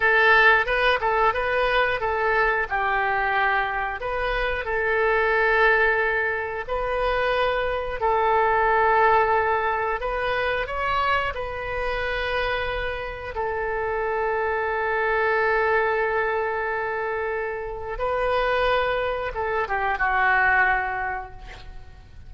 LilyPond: \new Staff \with { instrumentName = "oboe" } { \time 4/4 \tempo 4 = 90 a'4 b'8 a'8 b'4 a'4 | g'2 b'4 a'4~ | a'2 b'2 | a'2. b'4 |
cis''4 b'2. | a'1~ | a'2. b'4~ | b'4 a'8 g'8 fis'2 | }